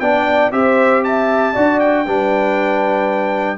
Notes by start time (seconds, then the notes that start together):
0.00 B3 D4 D5 G5
0.51 C4 G4 C5 E5
1.04 E5 A5
1.53 D4 F#4 D5
1.79 G5
2.05 G3 D4 B4